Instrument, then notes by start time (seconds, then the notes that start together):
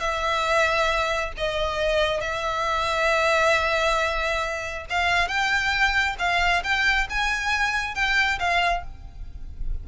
violin
0.00 E5
1.37 D#5
2.21 E5
4.90 F5
5.28 G5
6.19 F5
6.64 G5
7.10 G#5
7.95 G5
8.39 F5